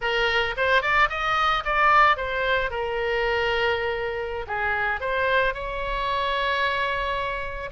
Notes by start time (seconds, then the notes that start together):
0.01 A#4
0.56 C5
0.81 D5
1.09 D#5
1.64 D5
2.16 C5
2.70 A#4
4.47 G#4
5.00 C5
5.54 C#5